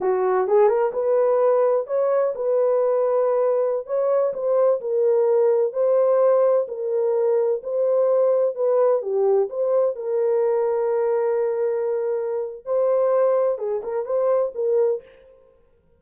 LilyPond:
\new Staff \with { instrumentName = "horn" } { \time 4/4 \tempo 4 = 128 fis'4 gis'8 ais'8 b'2 | cis''4 b'2.~ | b'16 cis''4 c''4 ais'4.~ ais'16~ | ais'16 c''2 ais'4.~ ais'16~ |
ais'16 c''2 b'4 g'8.~ | g'16 c''4 ais'2~ ais'8.~ | ais'2. c''4~ | c''4 gis'8 ais'8 c''4 ais'4 | }